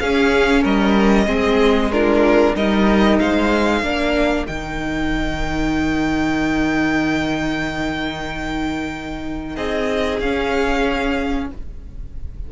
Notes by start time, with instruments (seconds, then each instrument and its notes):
0.00 cello C#4, viola C#4, violin G#4 F5
0.61 cello G3, violin A#4 D#5
1.27 cello G#3, viola C4, violin G#4
1.92 viola D4, violin F4 A#4
2.56 cello G3, viola D#4, violin A#4 D#5
3.19 cello G#3, violin C5 F5
3.83 cello A#3, viola D4, violin A#4
4.47 cello D#3, viola D#4, violin G5
9.56 cello C4, violin G#4 D#5
10.20 cello C#4, viola C#4, violin F5